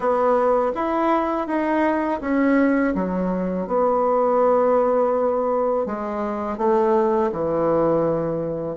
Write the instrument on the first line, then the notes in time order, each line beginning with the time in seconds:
bassoon
0.00 B3
0.75 E4
1.47 D#4
2.21 C#4
2.94 F#3
3.67 B3
5.85 G#3
6.57 A3
7.32 E3